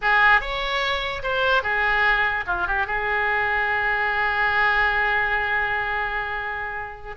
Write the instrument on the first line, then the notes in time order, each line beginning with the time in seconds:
oboe
0.01 G#4
0.40 C#5
1.22 C5
1.63 G#4
2.46 F4
2.67 G4
2.87 G#4